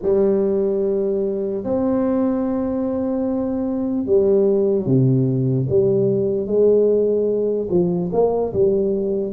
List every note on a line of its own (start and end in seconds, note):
0.02 1.64 G3
1.64 4.05 C4
4.05 4.85 G3
4.85 5.66 C3
5.68 6.46 G3
6.46 7.68 G#3
7.70 8.10 F3
8.12 8.52 A#3
8.53 9.32 G3